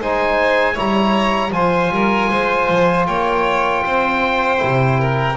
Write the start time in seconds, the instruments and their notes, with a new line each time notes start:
0.00 double bass G#3, trombone D#4, violin C5, oboe G#5
0.74 double bass G3, trombone E4, violin C#5, oboe A#5
1.51 double bass F3, trombone F4, violin C5, oboe G#5
1.91 double bass G3, violin A#4
2.30 double bass G#3, violin C5
2.70 double bass F3
3.07 double bass A#3, violin C#5, oboe G5
3.85 double bass C4, violin C5
4.58 double bass C3, trombone E4
5.00 violin A#4